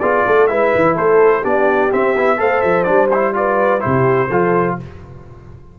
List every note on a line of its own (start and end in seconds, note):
0.00 0.26 B3
0.00 0.49 F4
0.00 0.25 G#4
0.00 0.47 D5
0.26 0.50 A3
0.26 0.50 A4
0.47 0.74 G#3
0.47 1.43 E4
0.47 0.96 B4
0.47 0.95 E5
0.75 0.97 E3
0.96 1.44 A3
0.96 1.42 A4
0.96 1.44 C5
1.42 1.92 B3
1.42 1.91 D4
1.42 2.37 G4
1.42 1.92 D5
1.92 2.16 C4
1.92 2.40 E5
2.16 2.39 B3
2.16 2.38 E4
2.38 2.63 A3
2.38 2.85 A4
2.38 3.35 C5
2.38 2.61 F5
2.61 2.87 F3
2.61 2.84 E5
2.84 3.84 G3
2.84 3.09 D4
2.84 3.07 D5
3.11 3.34 E4
3.11 3.35 C5
3.34 3.80 F4
3.34 3.84 B4
3.34 3.81 D5
3.80 4.30 C3
3.80 4.27 E4
3.80 4.29 G4
3.80 4.76 C5
4.29 4.78 F3
4.29 4.79 F4
4.29 4.76 A4